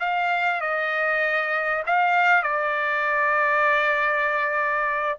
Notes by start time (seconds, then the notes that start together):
0.00 F5
0.61 D#5
1.86 F5
2.43 D5